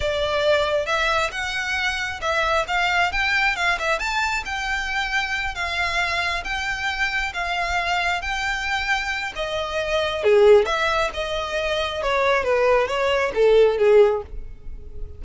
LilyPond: \new Staff \with { instrumentName = "violin" } { \time 4/4 \tempo 4 = 135 d''2 e''4 fis''4~ | fis''4 e''4 f''4 g''4 | f''8 e''8 a''4 g''2~ | g''8 f''2 g''4.~ |
g''8 f''2 g''4.~ | g''4 dis''2 gis'4 | e''4 dis''2 cis''4 | b'4 cis''4 a'4 gis'4 | }